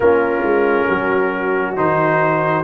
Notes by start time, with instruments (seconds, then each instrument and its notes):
0.00 tuba A#3, trombone C#4, horn F4, trumpet A#4
0.42 tuba G#3
0.88 tuba F#3, horn F#4
1.76 tuba D#3, trombone D#4, trumpet C5